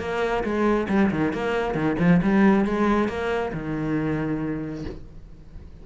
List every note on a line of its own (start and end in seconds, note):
0.00 0.44 A#3
0.44 0.88 G#3
0.89 1.11 G3
1.11 1.33 D#3
1.34 1.75 A#3
1.75 1.97 D#3
1.99 2.21 F3
2.23 2.66 G3
2.66 3.09 G#3
3.09 3.52 A#3
3.54 4.85 D#3